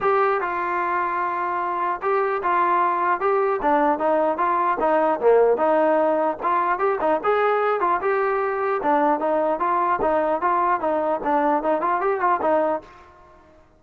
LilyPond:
\new Staff \with { instrumentName = "trombone" } { \time 4/4 \tempo 4 = 150 g'4 f'2.~ | f'4 g'4 f'2 | g'4 d'4 dis'4 f'4 | dis'4 ais4 dis'2 |
f'4 g'8 dis'8 gis'4. f'8 | g'2 d'4 dis'4 | f'4 dis'4 f'4 dis'4 | d'4 dis'8 f'8 g'8 f'8 dis'4 | }